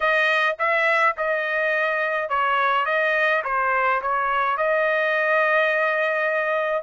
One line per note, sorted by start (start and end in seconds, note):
0.00 0.56 D#5
0.58 1.15 E5
1.17 2.29 D#5
2.29 2.85 C#5
2.85 3.43 D#5
3.44 4.01 C5
4.01 4.57 C#5
4.57 6.83 D#5